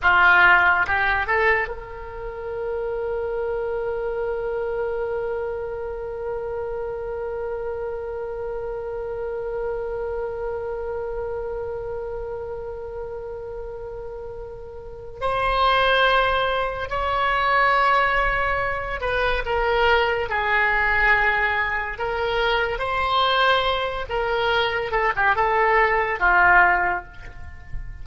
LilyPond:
\new Staff \with { instrumentName = "oboe" } { \time 4/4 \tempo 4 = 71 f'4 g'8 a'8 ais'2~ | ais'1~ | ais'1~ | ais'1~ |
ais'2 c''2 | cis''2~ cis''8 b'8 ais'4 | gis'2 ais'4 c''4~ | c''8 ais'4 a'16 g'16 a'4 f'4 | }